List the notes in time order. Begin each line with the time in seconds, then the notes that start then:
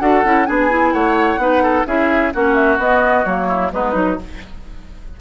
0.00 D4 F#4 A4 F#5
0.25 C#4 E4
0.47 B3 D4 G#4 G#5
0.70 E4
0.93 A3 C#5 F#5
1.38 B3 D#4 B4
1.63 A4
1.87 C#4 E4 G#4 E5
2.34 A#3 C#4 F#4 F#5
2.55 E5
2.78 B3 D#5
3.25 F#3 A#3 C#5
3.48 E4
3.73 G#3 B3 D#4 B4
3.93 F#3 D#4